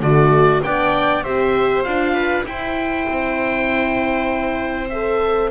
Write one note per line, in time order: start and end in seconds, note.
0.00 0.61 D3
0.00 0.62 A3
0.00 0.63 F#4
0.00 0.62 D5
0.62 1.24 B3
0.62 1.24 D4
0.62 1.23 D5
0.62 1.24 G5
1.23 1.85 C4
1.23 1.85 G4
1.23 2.14 C5
1.23 1.83 E5
1.83 2.45 D4
1.83 2.46 F4
1.83 2.44 F5
2.14 2.44 B4
2.45 3.06 E4
2.45 4.92 E4
2.45 5.50 C5
2.45 4.89 G5
3.07 5.50 C4
4.89 5.50 A4
4.89 5.50 E5